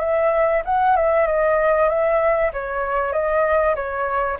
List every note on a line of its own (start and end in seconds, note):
0.00 0.62 E5
0.65 0.96 F#5
0.96 1.27 E5
1.27 1.89 D#5
1.89 2.52 E5
2.53 3.12 C#5
3.12 3.75 D#5
3.75 4.38 C#5